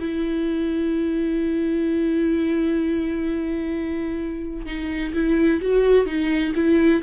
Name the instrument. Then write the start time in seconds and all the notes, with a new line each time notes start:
viola
0.00 E4
4.67 D#4
5.14 E4
5.62 F#4
6.06 D#4
6.55 E4